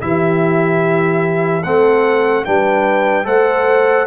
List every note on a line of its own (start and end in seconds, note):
0.00 1.65 E3
0.00 1.62 E4
0.00 1.64 G4
0.00 1.63 E5
1.63 2.46 A3
1.63 2.45 C4
1.63 2.45 A4
1.63 2.44 F#5
2.45 3.26 G3
2.45 3.24 D4
2.45 3.25 B4
2.45 3.26 G5
3.24 4.06 A3
3.24 4.05 A4
3.24 4.06 C5
3.24 4.06 F#5